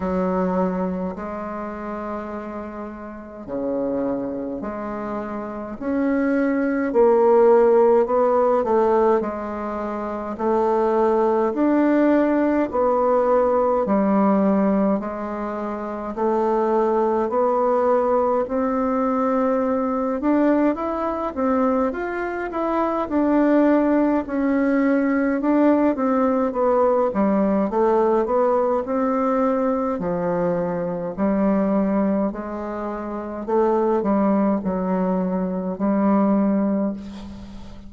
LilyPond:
\new Staff \with { instrumentName = "bassoon" } { \time 4/4 \tempo 4 = 52 fis4 gis2 cis4 | gis4 cis'4 ais4 b8 a8 | gis4 a4 d'4 b4 | g4 gis4 a4 b4 |
c'4. d'8 e'8 c'8 f'8 e'8 | d'4 cis'4 d'8 c'8 b8 g8 | a8 b8 c'4 f4 g4 | gis4 a8 g8 fis4 g4 | }